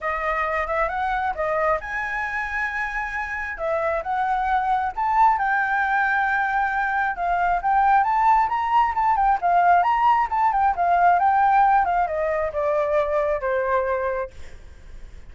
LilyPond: \new Staff \with { instrumentName = "flute" } { \time 4/4 \tempo 4 = 134 dis''4. e''8 fis''4 dis''4 | gis''1 | e''4 fis''2 a''4 | g''1 |
f''4 g''4 a''4 ais''4 | a''8 g''8 f''4 ais''4 a''8 g''8 | f''4 g''4. f''8 dis''4 | d''2 c''2 | }